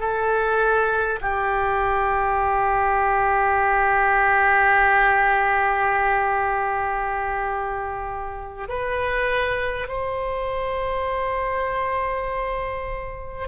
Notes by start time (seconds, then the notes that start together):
0.00 A4
1.21 G4
8.68 B4
9.88 C5